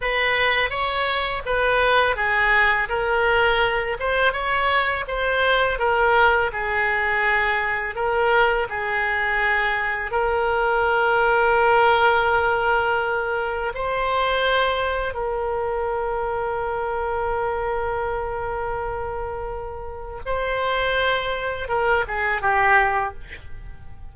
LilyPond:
\new Staff \with { instrumentName = "oboe" } { \time 4/4 \tempo 4 = 83 b'4 cis''4 b'4 gis'4 | ais'4. c''8 cis''4 c''4 | ais'4 gis'2 ais'4 | gis'2 ais'2~ |
ais'2. c''4~ | c''4 ais'2.~ | ais'1 | c''2 ais'8 gis'8 g'4 | }